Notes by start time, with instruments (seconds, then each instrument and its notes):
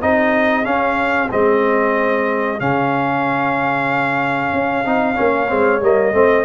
0.00 tuba C4, trombone D#4, horn G#4, trumpet D#5
0.64 trombone C#4, tuba C#4, trumpet F5
1.31 tuba G#3, trombone C4, trumpet D#5
2.59 tuba C#3, trombone C#4, trumpet F5
4.53 tuba C#4
4.85 tuba C4, trombone D#4
5.15 tuba A#3, trombone C#4, horn C#5
5.48 tuba G#3, trombone C4
5.81 tuba G3, trombone A#3, trumpet D#5
6.13 tuba A3, trombone C4, horn C5